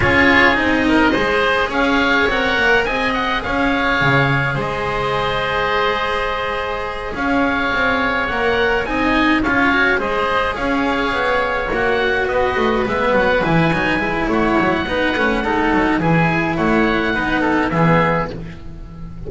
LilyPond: <<
  \new Staff \with { instrumentName = "oboe" } { \time 4/4 \tempo 4 = 105 cis''4 dis''2 f''4 | fis''4 gis''8 fis''8 f''2 | dis''1~ | dis''8 f''2 fis''4 gis''8~ |
gis''8 f''4 dis''4 f''4.~ | f''8 fis''4 dis''4 e''8 fis''8 gis''8~ | gis''4 fis''2. | gis''4 fis''2 e''4 | }
  \new Staff \with { instrumentName = "oboe" } { \time 4/4 gis'4. ais'8 c''4 cis''4~ | cis''4 dis''4 cis''2 | c''1~ | c''8 cis''2. dis''8~ |
dis''8 cis''4 c''4 cis''4.~ | cis''4. b'2~ b'8~ | b'4 cis''4 b'4 a'4 | gis'4 cis''4 b'8 a'8 gis'4 | }
  \new Staff \with { instrumentName = "cello" } { \time 4/4 f'4 dis'4 gis'2 | ais'4 gis'2.~ | gis'1~ | gis'2~ gis'8 ais'4 dis'8~ |
dis'8 f'8 fis'8 gis'2~ gis'8~ | gis'8 fis'2 b4 e'8 | dis'8 e'4. dis'8 cis'8 dis'4 | e'2 dis'4 b4 | }
  \new Staff \with { instrumentName = "double bass" } { \time 4/4 cis'4 c'4 gis4 cis'4 | c'8 ais8 c'4 cis'4 cis4 | gis1~ | gis8 cis'4 c'4 ais4 c'8~ |
c'8 cis'4 gis4 cis'4 b8~ | b8 ais4 b8 a8 gis8 fis8 e8 | fis8 gis8 a8 fis8 b8 a8 gis8 fis8 | e4 a4 b4 e4 | }
>>